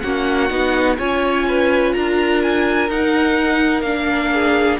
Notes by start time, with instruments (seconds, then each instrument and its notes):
0.00 cello A#3, viola C#4, violin F#4 F#5
0.49 cello B3, viola D#4
0.97 cello C#4, viola F4, violin C#5 G#5
1.48 violin B4
1.93 cello D4, violin A#4 A#5
2.42 violin G#5
2.88 cello D#4, viola D#4, violin F#5
3.81 cello A#3, viola D4, violin F5
4.32 violin G#4